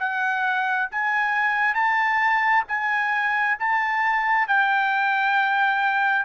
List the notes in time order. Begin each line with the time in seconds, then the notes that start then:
0.00 F#5
0.92 G#5
1.75 A5
2.68 G#5
3.60 A5
4.48 G5